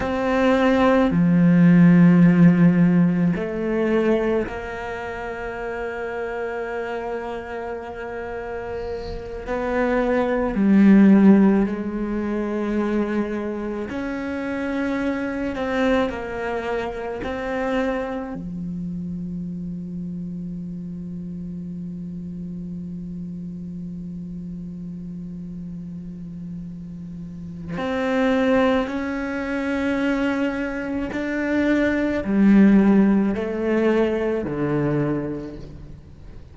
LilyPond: \new Staff \with { instrumentName = "cello" } { \time 4/4 \tempo 4 = 54 c'4 f2 a4 | ais1~ | ais8 b4 g4 gis4.~ | gis8 cis'4. c'8 ais4 c'8~ |
c'8 f2.~ f8~ | f1~ | f4 c'4 cis'2 | d'4 g4 a4 d4 | }